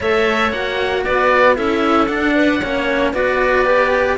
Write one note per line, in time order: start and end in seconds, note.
0.00 0.52 A3
0.00 0.52 A4
0.00 1.04 C#5
0.00 0.51 E5
0.51 1.04 A#3
0.51 1.54 F#4
0.51 1.03 F#5
1.04 1.58 B3
1.04 1.56 B4
1.04 1.56 D5
1.54 2.09 C#4
1.54 2.06 E4
1.54 2.34 A4
1.54 2.06 E5
2.06 2.60 D4
2.06 2.61 D4
2.06 3.10 F#5
2.35 2.61 B4
2.61 3.13 A#3
2.61 3.14 C#4
2.61 3.13 C#5
3.13 4.17 B3
3.13 3.65 F#4
3.13 4.17 B4
3.13 4.17 D5
3.65 4.17 G4